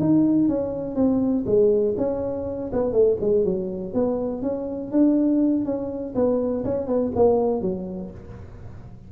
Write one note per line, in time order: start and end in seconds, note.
0.00 0.49 D#4
0.49 0.96 C#4
0.96 1.45 C4
1.46 1.96 G#3
1.98 2.71 C#4
2.73 2.93 B3
2.93 3.17 A3
3.21 3.45 G#3
3.45 3.94 F#3
3.94 4.42 B3
4.42 4.92 C#4
4.92 5.65 D4
5.65 6.14 C#4
6.15 6.64 B3
6.65 6.87 C#4
6.87 7.12 B3
7.16 7.62 A#3
7.62 8.11 F#3